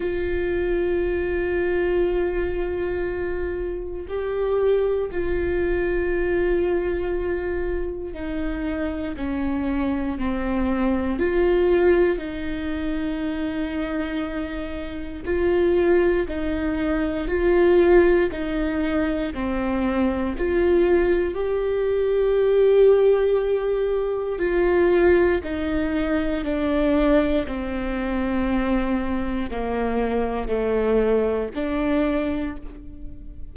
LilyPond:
\new Staff \with { instrumentName = "viola" } { \time 4/4 \tempo 4 = 59 f'1 | g'4 f'2. | dis'4 cis'4 c'4 f'4 | dis'2. f'4 |
dis'4 f'4 dis'4 c'4 | f'4 g'2. | f'4 dis'4 d'4 c'4~ | c'4 ais4 a4 d'4 | }